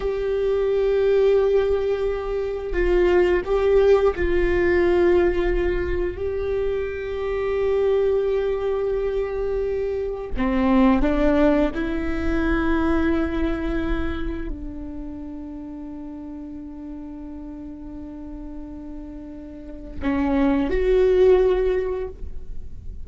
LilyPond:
\new Staff \with { instrumentName = "viola" } { \time 4/4 \tempo 4 = 87 g'1 | f'4 g'4 f'2~ | f'4 g'2.~ | g'2. c'4 |
d'4 e'2.~ | e'4 d'2.~ | d'1~ | d'4 cis'4 fis'2 | }